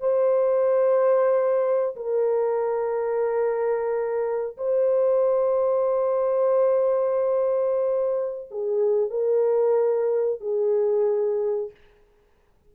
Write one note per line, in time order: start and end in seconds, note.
0.00 1.96 C5
1.96 4.57 A#4
4.57 8.49 C5
8.50 9.10 G#4
9.10 10.40 A#4
10.40 11.71 G#4